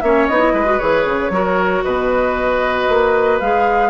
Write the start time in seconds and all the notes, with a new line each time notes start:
0.00 A#3 C#4 C#5 E5
0.27 B3 D#4 D#5
0.40 E4
0.53 G#3 B4
0.65 F#4
0.78 E3 G#4 C#5
1.05 C#3
1.30 F#3 F#4 A#4
1.83 B2 B4 D#5
2.88 A#3
3.40 G#3 G#4 F5